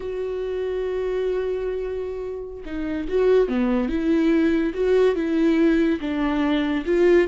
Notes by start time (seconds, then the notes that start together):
0.00 F#4
2.65 D#4
3.08 F#4
3.48 B3
3.89 E4
4.74 F#4
5.15 E4
6.00 D4
6.85 F4